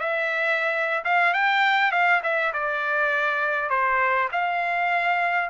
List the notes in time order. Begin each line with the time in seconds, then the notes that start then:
0.00 E5
1.05 F5
1.34 G5
1.91 F5
2.23 E5
2.54 D5
3.70 C5
4.32 F5